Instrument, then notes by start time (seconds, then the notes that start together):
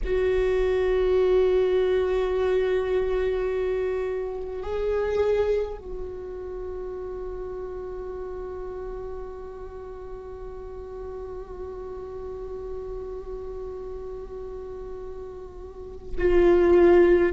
viola
0.04 F#4
4.63 G#4
5.77 F#4
16.18 F4